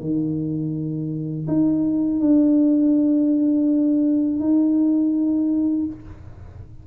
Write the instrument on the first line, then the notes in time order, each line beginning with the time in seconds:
tuba
0.00 D#3
1.47 D#4
2.20 D4
4.39 D#4